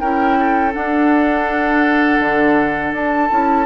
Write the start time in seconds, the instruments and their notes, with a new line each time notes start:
0.00 bassoon C#4, clarinet E4, oboe A#4, flute G5
0.40 oboe A4
0.72 clarinet D4, bassoon D4, flute F#5
2.20 bassoon D3
2.93 bassoon D4, flute A5
3.31 bassoon C#4, clarinet E4